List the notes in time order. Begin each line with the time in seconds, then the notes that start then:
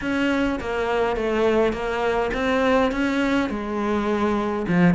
0.01 C#4
0.60 A#3
1.16 A3
1.72 A#3
2.33 C4
2.91 C#4
3.49 G#3
4.68 F3